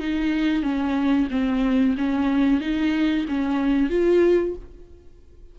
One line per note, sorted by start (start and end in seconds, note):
0.00 0.63 D#4
0.63 1.28 C#4
1.30 1.96 C4
1.97 2.61 C#4
2.61 3.26 D#4
3.28 3.90 C#4
3.90 4.55 F4